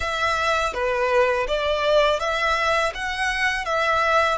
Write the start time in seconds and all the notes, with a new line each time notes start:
0.00 E5
0.73 B4
1.47 D5
2.19 E5
2.94 F#5
3.65 E5